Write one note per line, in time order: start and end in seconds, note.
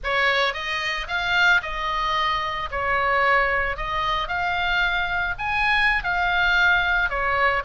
0.03 0.53 C#5
0.53 1.07 D#5
1.07 1.61 F5
1.62 2.69 D#5
2.71 3.76 C#5
3.76 4.27 D#5
4.27 5.34 F5
5.38 6.03 G#5
6.03 7.09 F5
7.09 7.63 C#5